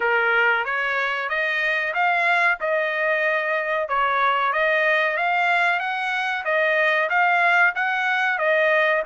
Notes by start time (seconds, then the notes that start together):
0.00 A#4
0.65 C#5
1.29 D#5
1.94 F5
2.60 D#5
3.88 C#5
4.52 D#5
5.16 F5
5.79 F#5
6.44 D#5
7.09 F5
7.75 F#5
8.38 D#5